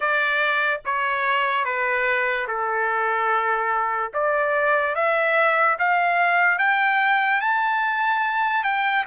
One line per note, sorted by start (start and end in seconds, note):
0.00 0.80 D5
0.85 1.64 C#5
1.64 2.47 B4
2.47 4.12 A4
4.13 4.95 D5
4.95 5.77 E5
5.78 6.58 F5
6.58 7.40 G5
7.40 8.63 A5
8.63 9.04 G5